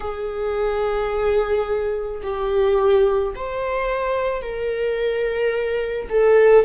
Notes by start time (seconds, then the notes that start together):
0.00 G#4
2.22 G4
3.35 C5
4.41 A#4
6.09 A4